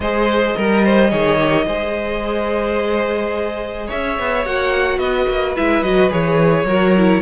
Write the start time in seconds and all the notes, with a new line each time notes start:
0.00 G#3 G#4 C5 D#5
0.56 G3 A#4
0.84 C5
1.10 D#3 G#4 C#5
1.38 G4
1.66 G#3 G#4 C5
3.86 C#4 C#5 E5
4.18 B3
4.45 A#3 F#4 F#5
4.97 B3 B4 D#5
5.28 A#3
5.56 G#3 E4 E5
5.82 F#3 F#4 D#5
6.09 E3 G#4 C#5
6.64 F#3 F#4 A#4
6.97 E4